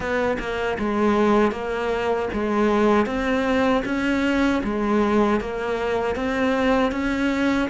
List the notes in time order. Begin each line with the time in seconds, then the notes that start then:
0.00 B3
0.39 A#3
0.78 G#3
1.51 A#3
2.33 G#3
3.06 C4
3.85 C#4
4.63 G#3
5.40 A#3
6.15 C4
6.91 C#4